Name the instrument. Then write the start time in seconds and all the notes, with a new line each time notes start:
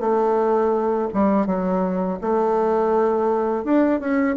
bassoon
0.00 A3
1.13 G3
1.46 F#3
2.21 A3
3.64 D4
4.00 C#4